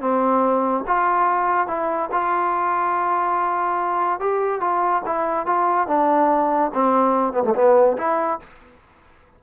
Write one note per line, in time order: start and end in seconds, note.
0.00 0.84 C4
0.87 1.67 F4
1.67 2.09 E4
2.12 4.19 F4
4.19 4.60 G4
4.60 5.02 F4
5.05 5.46 E4
5.46 5.87 F4
5.87 6.71 D4
6.73 7.33 C4
7.33 7.43 B3
7.43 7.54 A3
7.55 7.97 B3
7.97 8.39 E4